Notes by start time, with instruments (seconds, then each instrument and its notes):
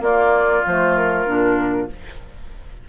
0.00 bassoon A#3, clarinet A#3, oboe F4, flute D5
0.66 bassoon F3, clarinet A3, flute C5
0.95 flute A#4
1.26 bassoon A#2, clarinet D4